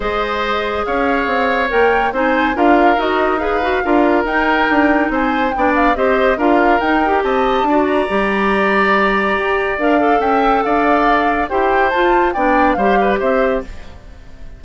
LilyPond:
<<
  \new Staff \with { instrumentName = "flute" } { \time 4/4 \tempo 4 = 141 dis''2 f''2 | g''4 gis''4 f''4 dis''4 | f''2 g''2 | gis''4 g''8 f''8 dis''4 f''4 |
g''4 a''4. ais''4.~ | ais''2. f''4 | g''4 f''2 g''4 | a''4 g''4 f''4 e''4 | }
  \new Staff \with { instrumentName = "oboe" } { \time 4/4 c''2 cis''2~ | cis''4 c''4 ais'2 | b'4 ais'2. | c''4 d''4 c''4 ais'4~ |
ais'4 dis''4 d''2~ | d''1 | e''4 d''2 c''4~ | c''4 d''4 c''8 b'8 c''4 | }
  \new Staff \with { instrumentName = "clarinet" } { \time 4/4 gis'1 | ais'4 dis'4 f'4 fis'4 | gis'8 fis'8 f'4 dis'2~ | dis'4 d'4 g'4 f'4 |
dis'8 g'4. fis'4 g'4~ | g'2. ais'8 a'8~ | a'2. g'4 | f'4 d'4 g'2 | }
  \new Staff \with { instrumentName = "bassoon" } { \time 4/4 gis2 cis'4 c'4 | ais4 c'4 d'4 dis'4~ | dis'4 d'4 dis'4 d'4 | c'4 b4 c'4 d'4 |
dis'4 c'4 d'4 g4~ | g2 g'4 d'4 | cis'4 d'2 e'4 | f'4 b4 g4 c'4 | }
>>